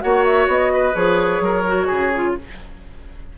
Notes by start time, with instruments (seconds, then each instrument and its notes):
0.00 bassoon A#3, clarinet F#4, oboe C#5, flute F#5
0.25 flute E5
0.47 bassoon B3, flute D#5
0.73 oboe B4
0.93 bassoon F3, clarinet G#4, flute C#5
1.40 bassoon F#3, oboe A#4
1.66 clarinet F#4
1.86 bassoon C#3, oboe G#4
2.14 clarinet F4